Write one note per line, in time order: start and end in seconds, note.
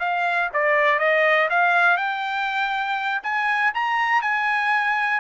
0.00 0.50 F5
0.53 0.99 D5
0.99 1.49 D#5
1.50 1.97 F5
1.97 3.21 G5
3.23 3.73 G#5
3.74 4.22 A#5
4.22 5.20 G#5